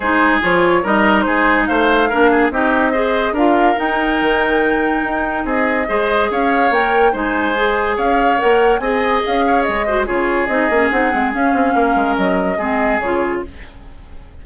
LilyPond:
<<
  \new Staff \with { instrumentName = "flute" } { \time 4/4 \tempo 4 = 143 c''4 cis''4 dis''4 c''4 | f''2 dis''2 | f''4 g''2.~ | g''4 dis''2 f''4 |
g''4 gis''2 f''4 | fis''4 gis''4 f''4 dis''4 | cis''4 dis''4 fis''4 f''4~ | f''4 dis''2 cis''4 | }
  \new Staff \with { instrumentName = "oboe" } { \time 4/4 gis'2 ais'4 gis'4 | c''4 ais'8 gis'8 g'4 c''4 | ais'1~ | ais'4 gis'4 c''4 cis''4~ |
cis''4 c''2 cis''4~ | cis''4 dis''4. cis''4 c''8 | gis'1 | ais'2 gis'2 | }
  \new Staff \with { instrumentName = "clarinet" } { \time 4/4 dis'4 f'4 dis'2~ | dis'4 d'4 dis'4 gis'4 | f'4 dis'2.~ | dis'2 gis'2 |
ais'4 dis'4 gis'2 | ais'4 gis'2~ gis'8 fis'8 | f'4 dis'8 cis'8 dis'8 c'8 cis'4~ | cis'2 c'4 f'4 | }
  \new Staff \with { instrumentName = "bassoon" } { \time 4/4 gis4 f4 g4 gis4 | a4 ais4 c'2 | d'4 dis'4 dis2 | dis'4 c'4 gis4 cis'4 |
ais4 gis2 cis'4 | ais4 c'4 cis'4 gis4 | cis4 c'8 ais8 c'8 gis8 cis'8 c'8 | ais8 gis8 fis4 gis4 cis4 | }
>>